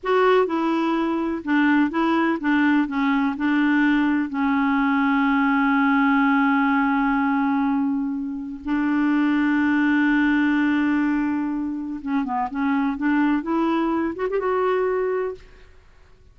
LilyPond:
\new Staff \with { instrumentName = "clarinet" } { \time 4/4 \tempo 4 = 125 fis'4 e'2 d'4 | e'4 d'4 cis'4 d'4~ | d'4 cis'2.~ | cis'1~ |
cis'2 d'2~ | d'1~ | d'4 cis'8 b8 cis'4 d'4 | e'4. fis'16 g'16 fis'2 | }